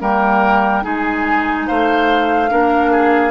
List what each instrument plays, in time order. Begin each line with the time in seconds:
0.00 bassoon G3, clarinet A#3, oboe A#4, flute G5
0.82 bassoon G#3, clarinet D#4, oboe G#4, flute G#5
1.67 bassoon A3, oboe C5, flute F5
2.50 bassoon A#3, clarinet D4, oboe A#4
2.92 oboe G#4